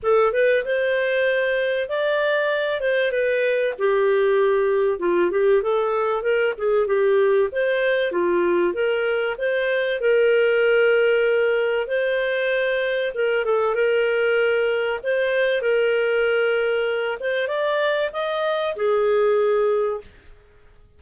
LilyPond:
\new Staff \with { instrumentName = "clarinet" } { \time 4/4 \tempo 4 = 96 a'8 b'8 c''2 d''4~ | d''8 c''8 b'4 g'2 | f'8 g'8 a'4 ais'8 gis'8 g'4 | c''4 f'4 ais'4 c''4 |
ais'2. c''4~ | c''4 ais'8 a'8 ais'2 | c''4 ais'2~ ais'8 c''8 | d''4 dis''4 gis'2 | }